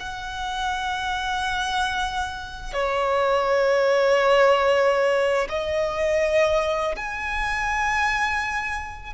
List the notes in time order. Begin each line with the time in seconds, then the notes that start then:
0.00 F#5
2.74 C#5
5.49 D#5
6.96 G#5